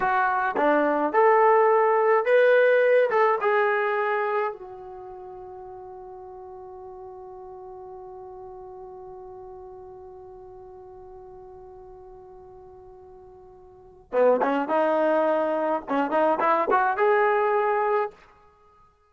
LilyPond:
\new Staff \with { instrumentName = "trombone" } { \time 4/4 \tempo 4 = 106 fis'4 d'4 a'2 | b'4. a'8 gis'2 | fis'1~ | fis'1~ |
fis'1~ | fis'1~ | fis'4 b8 cis'8 dis'2 | cis'8 dis'8 e'8 fis'8 gis'2 | }